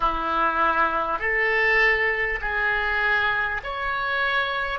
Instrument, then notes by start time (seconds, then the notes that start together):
oboe
0.00 E4
1.19 A4
2.41 G#4
3.63 C#5